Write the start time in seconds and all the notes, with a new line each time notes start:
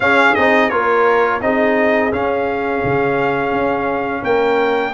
0.00 C#4 G#4 F5
0.35 C4 D#4 D#5
0.69 A#3 F4 A#4 C#5
1.41 C4 D#4 G#4 D#5
2.12 C#4 F5
2.84 C#3
3.51 C#4
4.22 A#3 A#4 G5